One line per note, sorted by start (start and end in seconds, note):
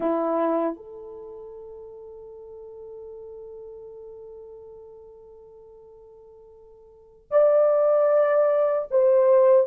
0.00 0.76 E4
0.76 7.27 A4
7.30 8.88 D5
8.90 9.67 C5